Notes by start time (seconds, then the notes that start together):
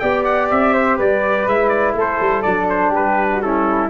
0.00 B3 G4 D5 G5
0.25 F#5
0.51 C4 E5
0.74 C5
0.98 G3 B4 D5
1.47 G#3 E4 E5
1.69 D5
1.95 A3 A4 C5
2.21 G3
2.43 F#3 D4 D5
2.70 C5
2.90 G3 G4 B4
3.31 F#4
3.42 C#4 E4 A4